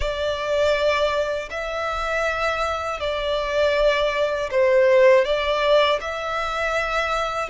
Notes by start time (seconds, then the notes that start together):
0.00 D5
1.50 E5
3.00 D5
4.50 C5
5.24 D5
6.00 E5